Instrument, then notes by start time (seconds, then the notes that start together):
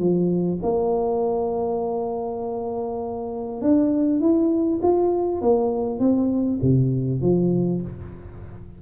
tuba
0.00 F3
0.63 A#3
3.62 D4
4.21 E4
4.83 F4
5.42 A#3
6.00 C4
6.62 C3
7.22 F3